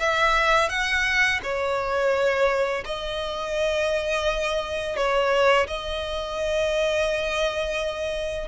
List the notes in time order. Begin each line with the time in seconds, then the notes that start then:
0.00 E5
0.70 F#5
1.43 C#5
2.85 D#5
4.97 C#5
5.68 D#5